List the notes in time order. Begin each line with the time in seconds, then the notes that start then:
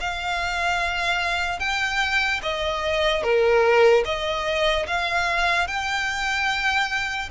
0.00 F5
1.60 G5
2.43 D#5
3.23 A#4
4.05 D#5
4.87 F5
5.67 G5